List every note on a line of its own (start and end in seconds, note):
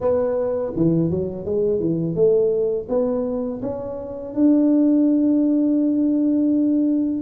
0.00 0.73 B3
0.76 1.10 E3
1.10 1.45 F#3
1.45 1.79 G#3
1.79 2.15 E3
2.15 2.87 A3
2.88 3.61 B3
3.62 4.34 C#4
4.34 7.22 D4